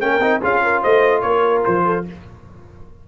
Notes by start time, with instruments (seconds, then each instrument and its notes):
0.00 tuba A#3, trombone C#4, horn A#4, trumpet G5
0.19 tuba C4, trombone D#4
0.41 tuba C#4, trombone F4, horn G#4, trumpet F5
0.63 horn A#4
0.82 tuba A3, horn C5, trumpet D#5
1.21 tuba A#3, horn A#4, trumpet C#5
1.65 tuba F3, trumpet C5
1.85 horn A4